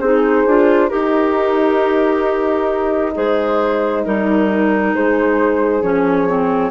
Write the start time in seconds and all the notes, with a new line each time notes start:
0.00 C4 D#4 G#4 C5
0.47 D4 F4
0.90 D#4 G4 A#4
3.15 G#3 G#4 C5
4.05 G3 D#4 A#4
4.94 G#3 G#4 C5
5.82 F3 C#4 C#5
6.28 C4